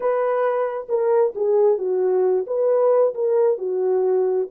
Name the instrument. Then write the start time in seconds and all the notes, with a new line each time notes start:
horn
0.00 B4
0.88 A#4
1.35 G#4
1.78 F#4
2.46 B4
3.14 A#4
3.58 F#4